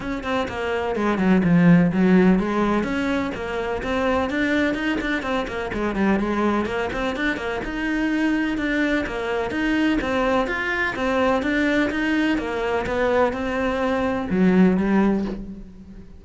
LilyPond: \new Staff \with { instrumentName = "cello" } { \time 4/4 \tempo 4 = 126 cis'8 c'8 ais4 gis8 fis8 f4 | fis4 gis4 cis'4 ais4 | c'4 d'4 dis'8 d'8 c'8 ais8 | gis8 g8 gis4 ais8 c'8 d'8 ais8 |
dis'2 d'4 ais4 | dis'4 c'4 f'4 c'4 | d'4 dis'4 ais4 b4 | c'2 fis4 g4 | }